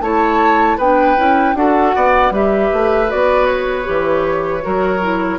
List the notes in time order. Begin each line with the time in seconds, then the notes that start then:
0.00 A3 E4 C#5 A5
0.77 B3 D4 B4 G5
1.16 C#4 E4
1.54 D4 F#4 A4 F#5
1.95 B3 D5
2.30 G3 G4 B4 E5
2.73 A3
3.07 B3 F#4 D5
3.46 C#5
3.84 E3 G4
4.62 F#3 F#4 A#4
5.02 E4